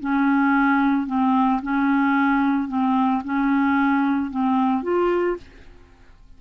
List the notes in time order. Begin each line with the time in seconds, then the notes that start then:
0.00 C#4
1.07 C4
1.62 C#4
2.68 C4
3.25 C#4
4.31 C4
4.83 F4